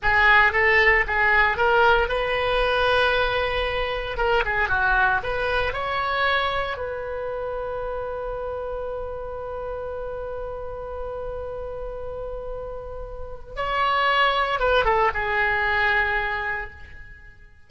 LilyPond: \new Staff \with { instrumentName = "oboe" } { \time 4/4 \tempo 4 = 115 gis'4 a'4 gis'4 ais'4 | b'1 | ais'8 gis'8 fis'4 b'4 cis''4~ | cis''4 b'2.~ |
b'1~ | b'1~ | b'2 cis''2 | b'8 a'8 gis'2. | }